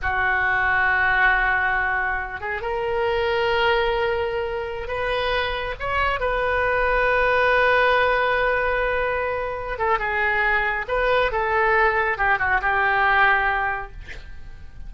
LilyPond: \new Staff \with { instrumentName = "oboe" } { \time 4/4 \tempo 4 = 138 fis'1~ | fis'4. gis'8 ais'2~ | ais'2.~ ais'16 b'8.~ | b'4~ b'16 cis''4 b'4.~ b'16~ |
b'1~ | b'2~ b'8 a'8 gis'4~ | gis'4 b'4 a'2 | g'8 fis'8 g'2. | }